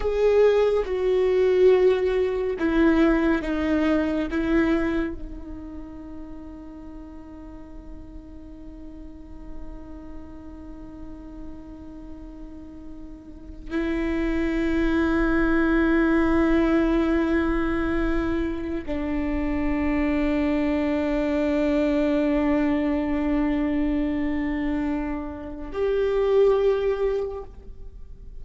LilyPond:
\new Staff \with { instrumentName = "viola" } { \time 4/4 \tempo 4 = 70 gis'4 fis'2 e'4 | dis'4 e'4 dis'2~ | dis'1~ | dis'1 |
e'1~ | e'2 d'2~ | d'1~ | d'2 g'2 | }